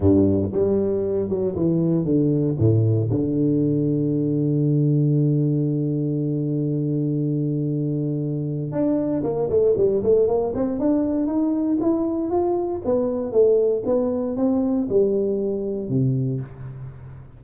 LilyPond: \new Staff \with { instrumentName = "tuba" } { \time 4/4 \tempo 4 = 117 g,4 g4. fis8 e4 | d4 a,4 d2~ | d1~ | d1~ |
d4 d'4 ais8 a8 g8 a8 | ais8 c'8 d'4 dis'4 e'4 | f'4 b4 a4 b4 | c'4 g2 c4 | }